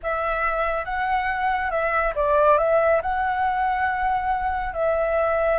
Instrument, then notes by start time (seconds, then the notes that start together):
flute
0.03 E5
0.84 F#5
1.70 E5
2.15 D5
2.57 E5
3.01 F#5
4.73 E5